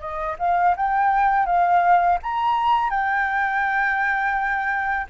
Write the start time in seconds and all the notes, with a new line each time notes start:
0.00 D#5
0.39 F5
0.77 G5
1.46 F5
2.22 A#5
2.90 G5